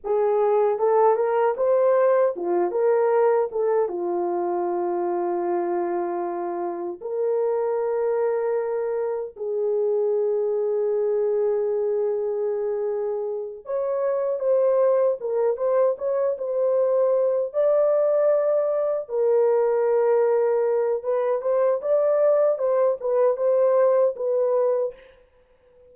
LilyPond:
\new Staff \with { instrumentName = "horn" } { \time 4/4 \tempo 4 = 77 gis'4 a'8 ais'8 c''4 f'8 ais'8~ | ais'8 a'8 f'2.~ | f'4 ais'2. | gis'1~ |
gis'4. cis''4 c''4 ais'8 | c''8 cis''8 c''4. d''4.~ | d''8 ais'2~ ais'8 b'8 c''8 | d''4 c''8 b'8 c''4 b'4 | }